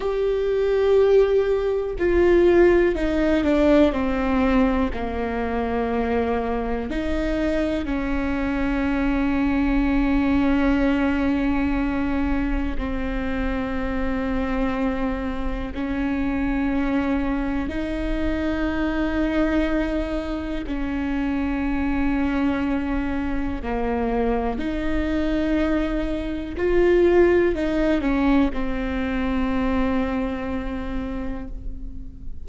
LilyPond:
\new Staff \with { instrumentName = "viola" } { \time 4/4 \tempo 4 = 61 g'2 f'4 dis'8 d'8 | c'4 ais2 dis'4 | cis'1~ | cis'4 c'2. |
cis'2 dis'2~ | dis'4 cis'2. | ais4 dis'2 f'4 | dis'8 cis'8 c'2. | }